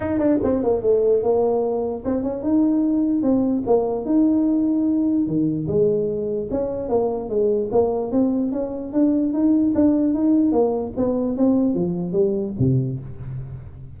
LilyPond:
\new Staff \with { instrumentName = "tuba" } { \time 4/4 \tempo 4 = 148 dis'8 d'8 c'8 ais8 a4 ais4~ | ais4 c'8 cis'8 dis'2 | c'4 ais4 dis'2~ | dis'4 dis4 gis2 |
cis'4 ais4 gis4 ais4 | c'4 cis'4 d'4 dis'4 | d'4 dis'4 ais4 b4 | c'4 f4 g4 c4 | }